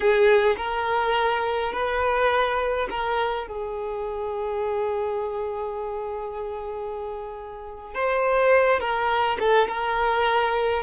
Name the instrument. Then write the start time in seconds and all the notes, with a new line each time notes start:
violin
0.00 G#4
0.57 A#4
1.72 B4
2.90 A#4
3.47 G#4
7.94 C5
8.80 A#4
9.39 A4
9.67 A#4